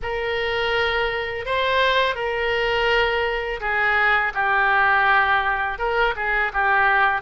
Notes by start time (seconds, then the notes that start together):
0.02 A#4
1.45 C5
2.15 A#4
3.60 G#4
4.33 G4
5.78 A#4
6.15 G#4
6.53 G4